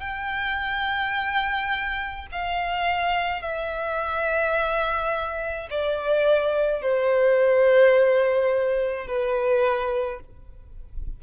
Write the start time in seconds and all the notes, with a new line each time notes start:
0.00 G5
2.32 F5
3.42 E5
5.70 D5
6.82 C5
9.07 B4